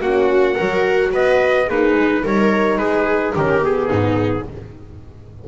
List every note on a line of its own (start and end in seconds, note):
0.00 0.56 A#3
0.00 0.57 C#4
0.00 0.54 F#4
0.00 1.12 F#5
0.54 1.13 F#3
0.54 1.66 F#4
0.54 1.10 A#4
1.12 1.68 B3
1.12 1.67 B4
1.12 1.69 D#5
1.66 1.95 A#3
1.66 2.23 D#4
1.66 2.21 G#4
1.66 2.25 B4
1.95 2.22 G#3
2.23 2.77 G3
2.23 3.35 D#4
2.23 2.78 A#4
2.23 2.77 C#5
2.77 3.33 G#3
2.77 3.34 G#4
2.77 3.33 B4
3.34 3.91 D#3
3.34 3.61 C#4
3.34 3.88 G4
3.34 3.64 A#4
3.61 4.44 B3
3.61 4.48 G#4
3.88 4.47 G#2
3.88 4.44 D#4